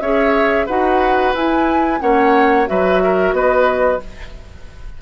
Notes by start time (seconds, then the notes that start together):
0.00 C#4 G#4 C#5 E5
0.66 D#4 F#4 B4 F#5
1.34 E4 G#5
2.00 A#3 C#4 C#5 F#5
2.66 F#3 F#4 B4 E5
3.04 A#4
3.32 B3 B4 D#5